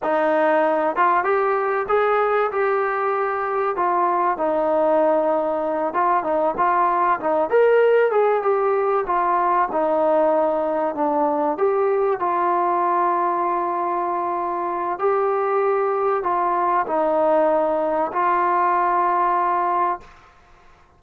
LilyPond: \new Staff \with { instrumentName = "trombone" } { \time 4/4 \tempo 4 = 96 dis'4. f'8 g'4 gis'4 | g'2 f'4 dis'4~ | dis'4. f'8 dis'8 f'4 dis'8 | ais'4 gis'8 g'4 f'4 dis'8~ |
dis'4. d'4 g'4 f'8~ | f'1 | g'2 f'4 dis'4~ | dis'4 f'2. | }